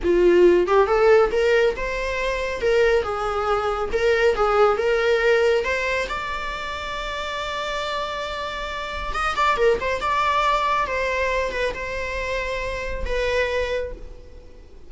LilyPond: \new Staff \with { instrumentName = "viola" } { \time 4/4 \tempo 4 = 138 f'4. g'8 a'4 ais'4 | c''2 ais'4 gis'4~ | gis'4 ais'4 gis'4 ais'4~ | ais'4 c''4 d''2~ |
d''1~ | d''4 dis''8 d''8 ais'8 c''8 d''4~ | d''4 c''4. b'8 c''4~ | c''2 b'2 | }